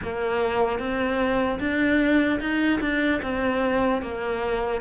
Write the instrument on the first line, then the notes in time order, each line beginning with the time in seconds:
cello
0.02 A#3
0.79 C4
1.59 D4
2.40 D#4
2.80 D4
3.22 C4
4.01 A#3